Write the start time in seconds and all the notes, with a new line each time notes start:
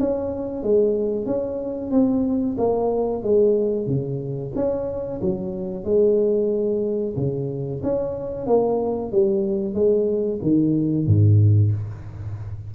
0.00 C#4
0.63 G#3
1.26 C#4
1.91 C4
2.58 A#3
3.23 G#3
3.87 C#3
4.55 C#4
5.21 F#3
5.84 G#3
7.16 C#3
7.83 C#4
8.46 A#3
9.12 G3
9.74 G#3
10.42 D#3
11.07 G#2